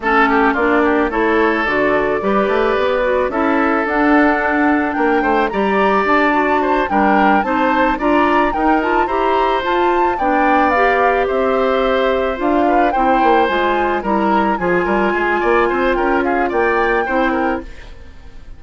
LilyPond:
<<
  \new Staff \with { instrumentName = "flute" } { \time 4/4 \tempo 4 = 109 a'4 d''4 cis''4 d''4~ | d''2 e''4 fis''4~ | fis''4 g''4 ais''4 a''4~ | a''8 g''4 a''4 ais''4 g''8 |
a''8 ais''4 a''4 g''4 f''8~ | f''8 e''2 f''4 g''8~ | g''8 gis''4 ais''4 gis''4.~ | gis''4 g''8 f''8 g''2 | }
  \new Staff \with { instrumentName = "oboe" } { \time 4/4 a'8 g'8 f'8 g'8 a'2 | b'2 a'2~ | a'4 ais'8 c''8 d''2 | c''8 ais'4 c''4 d''4 ais'8~ |
ais'8 c''2 d''4.~ | d''8 c''2~ c''8 b'8 c''8~ | c''4. ais'4 gis'8 ais'8 gis'8 | d''8 c''8 ais'8 gis'8 d''4 c''8 ais'8 | }
  \new Staff \with { instrumentName = "clarinet" } { \time 4/4 cis'4 d'4 e'4 fis'4 | g'4. fis'8 e'4 d'4~ | d'2 g'4. fis'8~ | fis'8 d'4 dis'4 f'4 dis'8 |
f'8 g'4 f'4 d'4 g'8~ | g'2~ g'8 f'4 e'8~ | e'8 f'4 e'4 f'4.~ | f'2. e'4 | }
  \new Staff \with { instrumentName = "bassoon" } { \time 4/4 a4 ais4 a4 d4 | g8 a8 b4 cis'4 d'4~ | d'4 ais8 a8 g4 d'4~ | d'8 g4 c'4 d'4 dis'8~ |
dis'8 e'4 f'4 b4.~ | b8 c'2 d'4 c'8 | ais8 gis4 g4 f8 g8 gis8 | ais8 c'8 cis'4 ais4 c'4 | }
>>